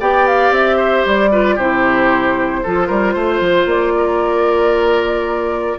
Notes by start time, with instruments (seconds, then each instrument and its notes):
0.00 bassoon B3, clarinet G4, oboe D5, flute G5
0.27 flute F5
0.51 bassoon C4, flute E5
0.77 oboe C5
1.05 bassoon G3, flute D5
1.32 clarinet F4, oboe B4
1.55 bassoon C3, clarinet E4, oboe G4, flute C5
2.63 bassoon F3, clarinet F4, oboe A4
2.87 bassoon G3, oboe A#4
3.13 bassoon A3, oboe C5
3.40 bassoon F3
3.66 bassoon A#3, flute D5
3.98 oboe A#4